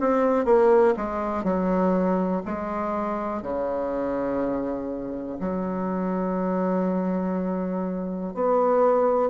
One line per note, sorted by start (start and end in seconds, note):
0.00 0.45 C4
0.45 0.94 A#3
0.97 1.44 G#3
1.44 2.42 F#3
2.45 3.42 G#3
3.42 5.39 C#3
5.40 8.34 F#3
8.34 9.30 B3